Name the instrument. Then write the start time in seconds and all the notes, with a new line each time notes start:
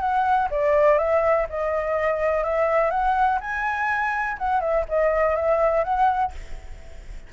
flute
0.00 F#5
0.50 D5
0.98 E5
1.49 D#5
2.43 E5
2.90 F#5
3.40 G#5
4.38 F#5
4.61 E5
4.88 D#5
5.35 E5
5.84 F#5